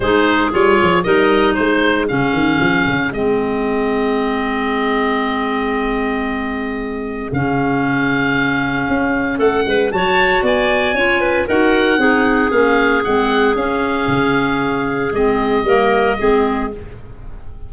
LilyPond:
<<
  \new Staff \with { instrumentName = "oboe" } { \time 4/4 \tempo 4 = 115 c''4 cis''4 dis''4 c''4 | f''2 dis''2~ | dis''1~ | dis''2 f''2~ |
f''2 fis''4 a''4 | gis''2 fis''2 | f''4 fis''4 f''2~ | f''4 dis''2. | }
  \new Staff \with { instrumentName = "clarinet" } { \time 4/4 gis'2 ais'4 gis'4~ | gis'1~ | gis'1~ | gis'1~ |
gis'2 a'8 b'8 cis''4 | d''4 cis''8 b'8 ais'4 gis'4~ | gis'1~ | gis'2 ais'4 gis'4 | }
  \new Staff \with { instrumentName = "clarinet" } { \time 4/4 dis'4 f'4 dis'2 | cis'2 c'2~ | c'1~ | c'2 cis'2~ |
cis'2. fis'4~ | fis'4 f'4 fis'4 dis'4 | cis'4 c'4 cis'2~ | cis'4 c'4 ais4 c'4 | }
  \new Staff \with { instrumentName = "tuba" } { \time 4/4 gis4 g8 f8 g4 gis4 | cis8 dis8 f8 cis8 gis2~ | gis1~ | gis2 cis2~ |
cis4 cis'4 a8 gis8 fis4 | b4 cis'4 dis'4 c'4 | ais4 gis4 cis'4 cis4~ | cis4 gis4 g4 gis4 | }
>>